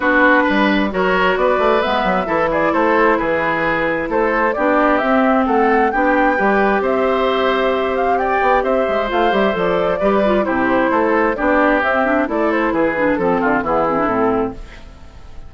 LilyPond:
<<
  \new Staff \with { instrumentName = "flute" } { \time 4/4 \tempo 4 = 132 b'2 cis''4 d''4 | e''4. d''8 c''4 b'4~ | b'4 c''4 d''4 e''4 | fis''4 g''2 e''4~ |
e''4. f''8 g''4 e''4 | f''8 e''8 d''2 c''4~ | c''4 d''4 e''4 d''8 c''8 | b'4 a'4 gis'4 a'4 | }
  \new Staff \with { instrumentName = "oboe" } { \time 4/4 fis'4 b'4 ais'4 b'4~ | b'4 a'8 gis'8 a'4 gis'4~ | gis'4 a'4 g'2 | a'4 g'4 b'4 c''4~ |
c''2 d''4 c''4~ | c''2 b'4 g'4 | a'4 g'2 a'4 | gis'4 a'8 f'8 e'2 | }
  \new Staff \with { instrumentName = "clarinet" } { \time 4/4 d'2 fis'2 | b4 e'2.~ | e'2 d'4 c'4~ | c'4 d'4 g'2~ |
g'1 | f'8 g'8 a'4 g'8 f'8 e'4~ | e'4 d'4 c'8 d'8 e'4~ | e'8 d'8 c'4 b8 c'16 d'16 c'4 | }
  \new Staff \with { instrumentName = "bassoon" } { \time 4/4 b4 g4 fis4 b8 a8 | gis8 fis8 e4 a4 e4~ | e4 a4 b4 c'4 | a4 b4 g4 c'4~ |
c'2~ c'8 b8 c'8 gis8 | a8 g8 f4 g4 c4 | a4 b4 c'4 a4 | e4 f8 d8 e4 a,4 | }
>>